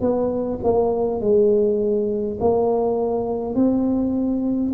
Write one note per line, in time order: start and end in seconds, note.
0.00 0.59 B3
0.63 1.20 A#3
1.20 2.38 G#3
2.40 3.55 A#3
3.55 4.72 C4